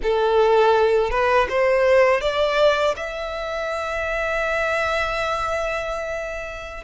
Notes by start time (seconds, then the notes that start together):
0.02 A4
1.10 B4
1.48 C5
2.20 D5
2.96 E5